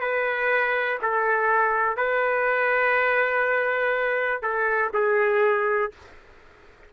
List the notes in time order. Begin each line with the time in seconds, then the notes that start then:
0.00 B4
1.01 A4
1.96 B4
4.42 A4
4.93 G#4